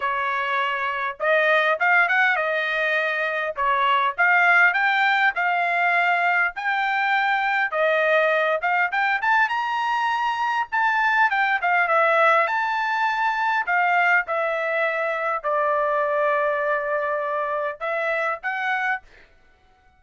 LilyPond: \new Staff \with { instrumentName = "trumpet" } { \time 4/4 \tempo 4 = 101 cis''2 dis''4 f''8 fis''8 | dis''2 cis''4 f''4 | g''4 f''2 g''4~ | g''4 dis''4. f''8 g''8 a''8 |
ais''2 a''4 g''8 f''8 | e''4 a''2 f''4 | e''2 d''2~ | d''2 e''4 fis''4 | }